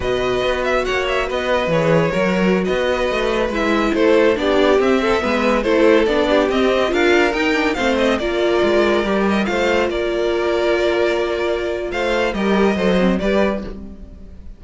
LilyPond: <<
  \new Staff \with { instrumentName = "violin" } { \time 4/4 \tempo 4 = 141 dis''4. e''8 fis''8 e''8 dis''4 | cis''2~ cis''16 dis''4.~ dis''16~ | dis''16 e''4 c''4 d''4 e''8.~ | e''4~ e''16 c''4 d''4 dis''8.~ |
dis''16 f''4 g''4 f''8 dis''8 d''8.~ | d''4.~ d''16 dis''8 f''4 d''8.~ | d''1 | f''4 dis''2 d''4 | }
  \new Staff \with { instrumentName = "violin" } { \time 4/4 b'2 cis''4 b'4~ | b'4 ais'4~ ais'16 b'4.~ b'16~ | b'4~ b'16 a'4 g'4. a'16~ | a'16 b'4 a'4. g'4~ g'16~ |
g'16 ais'2 c''4 ais'8.~ | ais'2~ ais'16 c''4 ais'8.~ | ais'1 | c''4 ais'4 c''4 b'4 | }
  \new Staff \with { instrumentName = "viola" } { \time 4/4 fis'1 | gis'4 fis'2.~ | fis'16 e'2 d'4 c'8.~ | c'16 b4 e'4 d'4 c'8.~ |
c'16 f'4 dis'8 d'8 c'4 f'8.~ | f'4~ f'16 g'4 f'4.~ f'16~ | f'1~ | f'4 g'4 a'8 c'8 g'4 | }
  \new Staff \with { instrumentName = "cello" } { \time 4/4 b,4 b4 ais4 b4 | e4 fis4~ fis16 b4 a8.~ | a16 gis4 a4 b4 c'8.~ | c'16 gis4 a4 b4 c'8.~ |
c'16 d'4 dis'4 a4 ais8.~ | ais16 gis4 g4 a4 ais8.~ | ais1 | a4 g4 fis4 g4 | }
>>